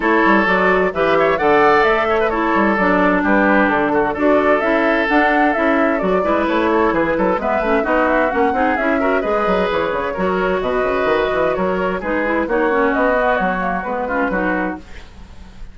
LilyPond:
<<
  \new Staff \with { instrumentName = "flute" } { \time 4/4 \tempo 4 = 130 cis''4 d''4 e''4 fis''4 | e''4 cis''4 d''4 b'4 | a'4 d''4 e''4 fis''4 | e''4 d''4 cis''4 b'4 |
e''4 dis''8 e''8 fis''4 e''4 | dis''4 cis''2 dis''4~ | dis''4 cis''4 b'4 cis''4 | dis''4 cis''4 b'2 | }
  \new Staff \with { instrumentName = "oboe" } { \time 4/4 a'2 b'8 cis''8 d''4~ | d''8 cis''16 b'16 a'2 g'4~ | g'8 fis'8 a'2.~ | a'4. b'4 a'8 gis'8 a'8 |
b'4 fis'4. gis'4 ais'8 | b'2 ais'4 b'4~ | b'4 ais'4 gis'4 fis'4~ | fis'2~ fis'8 f'8 fis'4 | }
  \new Staff \with { instrumentName = "clarinet" } { \time 4/4 e'4 fis'4 g'4 a'4~ | a'4 e'4 d'2~ | d'4 fis'4 e'4 d'4 | e'4 fis'8 e'2~ e'8 |
b8 cis'8 dis'4 cis'8 dis'8 e'8 fis'8 | gis'2 fis'2~ | fis'2 dis'8 e'8 dis'8 cis'8~ | cis'8 b4 ais8 b8 cis'8 dis'4 | }
  \new Staff \with { instrumentName = "bassoon" } { \time 4/4 a8 g8 fis4 e4 d4 | a4. g8 fis4 g4 | d4 d'4 cis'4 d'4 | cis'4 fis8 gis8 a4 e8 fis8 |
gis8 a8 b4 ais8 c'8 cis'4 | gis8 fis8 e8 cis8 fis4 b,8 cis8 | dis8 e8 fis4 gis4 ais4 | b4 fis4 gis4 fis4 | }
>>